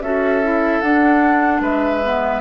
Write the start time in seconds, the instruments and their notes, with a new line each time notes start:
0.00 bassoon C#4, clarinet F#4, oboe A4, flute E5
0.43 clarinet E4
0.81 bassoon D4, clarinet D4, flute F#5
1.61 bassoon G#3, oboe B4, flute E5
2.03 clarinet B3